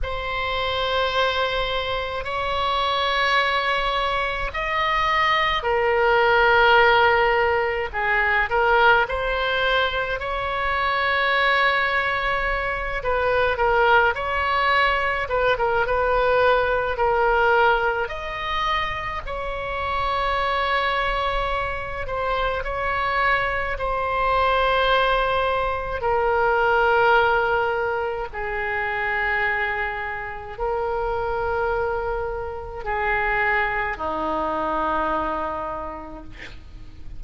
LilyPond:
\new Staff \with { instrumentName = "oboe" } { \time 4/4 \tempo 4 = 53 c''2 cis''2 | dis''4 ais'2 gis'8 ais'8 | c''4 cis''2~ cis''8 b'8 | ais'8 cis''4 b'16 ais'16 b'4 ais'4 |
dis''4 cis''2~ cis''8 c''8 | cis''4 c''2 ais'4~ | ais'4 gis'2 ais'4~ | ais'4 gis'4 dis'2 | }